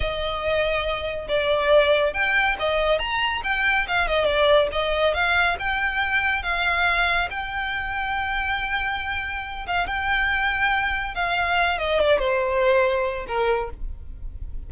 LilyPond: \new Staff \with { instrumentName = "violin" } { \time 4/4 \tempo 4 = 140 dis''2. d''4~ | d''4 g''4 dis''4 ais''4 | g''4 f''8 dis''8 d''4 dis''4 | f''4 g''2 f''4~ |
f''4 g''2.~ | g''2~ g''8 f''8 g''4~ | g''2 f''4. dis''8 | d''8 c''2~ c''8 ais'4 | }